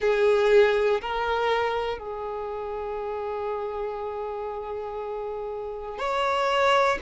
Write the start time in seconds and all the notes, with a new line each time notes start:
0.00 G#4
1.00 A#4
1.98 G#4
5.98 C#5